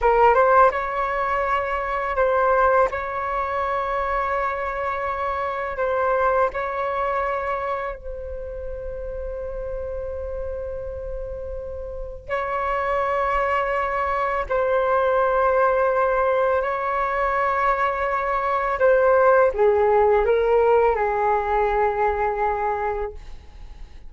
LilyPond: \new Staff \with { instrumentName = "flute" } { \time 4/4 \tempo 4 = 83 ais'8 c''8 cis''2 c''4 | cis''1 | c''4 cis''2 c''4~ | c''1~ |
c''4 cis''2. | c''2. cis''4~ | cis''2 c''4 gis'4 | ais'4 gis'2. | }